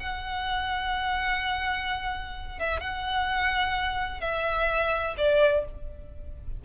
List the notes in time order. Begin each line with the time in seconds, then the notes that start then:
0.00 F#5
2.59 E5
2.80 F#5
4.21 E5
5.18 D5